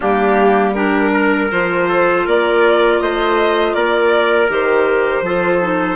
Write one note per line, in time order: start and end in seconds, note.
0.00 1.52 G3
0.00 0.75 A#3
0.00 0.73 D4
0.00 0.73 G4
0.73 1.50 D4
0.73 1.12 G4
0.73 1.48 A#4
1.13 1.88 A#4
1.50 2.26 F3
1.50 4.48 F4
1.50 2.26 C5
1.88 2.25 A4
2.25 3.01 A#3
2.25 3.00 A#4
2.25 3.00 D5
3.00 3.74 A3
3.00 3.74 C5
3.00 3.74 D#5
3.74 4.49 A#3
3.74 5.24 A#4
3.74 4.49 D5
4.48 5.21 D#3
4.48 5.23 G4
4.48 5.96 C5
5.21 5.96 F3
5.21 5.61 F4
5.21 5.96 A4
5.61 5.96 D#4